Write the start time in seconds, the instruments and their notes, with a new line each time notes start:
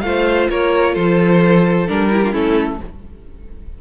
0.00 cello A3, viola F4, violin C5 F5
0.49 cello A#3, violin A#4 C#5
0.93 cello F3, violin A4 C5
1.87 cello G3, viola D4, violin A#4
2.11 viola E4, violin G4
2.23 viola D4, violin F4
2.31 cello A3, viola C#4, violin E4 A4